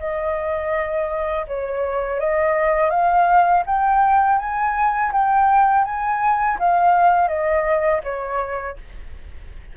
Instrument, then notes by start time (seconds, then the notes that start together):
flute
0.00 D#5
1.48 C#5
2.21 D#5
2.91 F5
3.67 G5
4.39 G#5
5.13 G5
5.85 G#5
6.60 F5
7.29 D#5
8.04 C#5